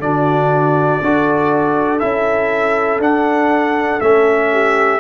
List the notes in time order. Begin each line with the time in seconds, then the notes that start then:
0.00 D3 D4 F#4 D5
1.02 D4 F#4 A4
2.00 C#4 E4 E5
3.00 D4 F#5
4.01 A3 C#4 E5
4.52 G4